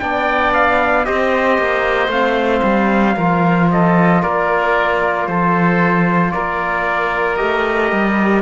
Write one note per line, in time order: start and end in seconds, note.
0.00 1.07 B3
0.00 1.05 D4
0.00 1.07 D5
0.00 0.53 G5
0.54 1.05 F5
1.05 1.59 C4
1.05 2.11 G4
1.05 3.17 C5
1.05 2.11 D#5
1.59 2.08 A#3
2.08 2.61 A3
2.08 3.17 C4
2.08 3.70 F5
2.63 3.16 G3
3.17 4.23 F3
3.17 7.38 F4
3.17 3.70 A#4
3.71 4.23 A4
3.71 4.23 D#5
4.23 5.28 A#3
4.23 5.28 A#4
4.23 5.27 D5
5.27 6.33 F3
5.27 6.34 A4
5.27 6.32 C5
6.32 7.41 A#3
6.32 8.43 A#4
6.32 7.37 D5
7.37 7.92 A3
7.37 8.43 G4
7.37 8.42 D#5
7.92 8.43 G3